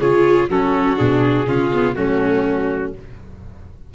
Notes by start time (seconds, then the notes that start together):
0.00 C#3 F4 G#4 C#5
0.49 F#3 C#4 F#4 A4
0.96 B2 D4 G#4
1.47 C#3 C#4 F4
1.72 B3
1.94 F#3 A3 C#4 F#4